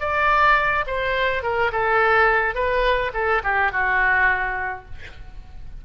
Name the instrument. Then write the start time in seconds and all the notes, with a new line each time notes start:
oboe
0.00 D5
0.87 C5
1.43 A#4
1.72 A4
2.55 B4
3.14 A4
3.44 G4
3.72 F#4